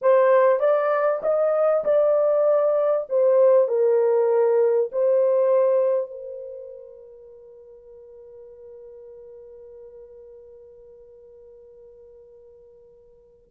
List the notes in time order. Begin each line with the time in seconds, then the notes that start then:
0.01 C5
0.59 D5
1.22 D#5
1.84 D5
3.09 C5
3.68 A#4
4.91 C5
6.11 A#4